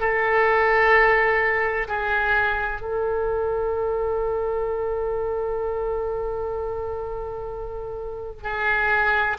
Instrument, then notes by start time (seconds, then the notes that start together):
oboe
0.00 A4
1.88 G#4
2.81 A4
8.43 G#4